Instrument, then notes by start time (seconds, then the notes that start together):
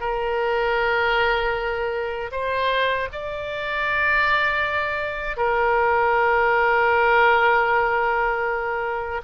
oboe
0.00 A#4
2.31 C5
3.13 D5
5.37 A#4